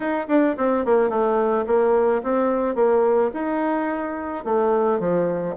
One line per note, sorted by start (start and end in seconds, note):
0.00 0.26 D#4
0.28 0.56 D4
0.57 0.85 C4
0.85 1.09 A#3
1.09 1.65 A3
1.66 2.22 A#3
2.23 2.75 C4
2.75 3.30 A#3
3.33 4.44 D#4
4.44 4.99 A3
4.99 5.55 F3